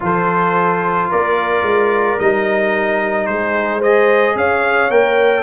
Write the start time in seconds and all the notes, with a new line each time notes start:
0.00 F3 F4 A4 C5
1.09 A#3 A#4 D5
1.62 G#3
2.18 G3 D#4 D#5
3.26 G#3 G#4 C5
3.78 G#4 C5 D#5
4.35 C#4 C#5 F5
4.89 A#3 A#4 G5